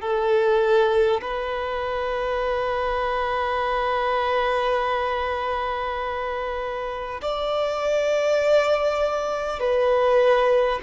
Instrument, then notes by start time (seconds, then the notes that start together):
violin
0.00 A4
1.21 B4
7.21 D5
9.59 B4